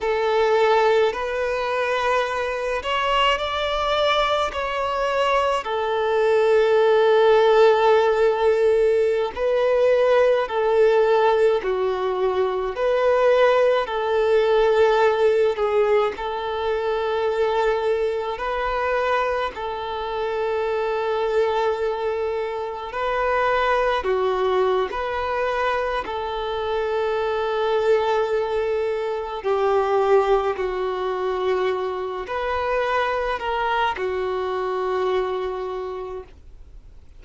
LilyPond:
\new Staff \with { instrumentName = "violin" } { \time 4/4 \tempo 4 = 53 a'4 b'4. cis''8 d''4 | cis''4 a'2.~ | a'16 b'4 a'4 fis'4 b'8.~ | b'16 a'4. gis'8 a'4.~ a'16~ |
a'16 b'4 a'2~ a'8.~ | a'16 b'4 fis'8. b'4 a'4~ | a'2 g'4 fis'4~ | fis'8 b'4 ais'8 fis'2 | }